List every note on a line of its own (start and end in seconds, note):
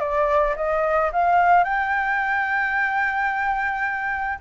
0.00 0.55 D5
0.57 1.12 D#5
1.13 1.65 F5
1.65 4.40 G5